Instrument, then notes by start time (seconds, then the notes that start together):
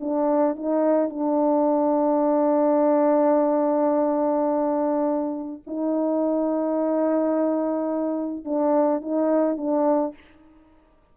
horn
0.00 D4
0.56 D#4
1.09 D4
5.67 D#4
8.45 D4
9.01 D#4
9.57 D4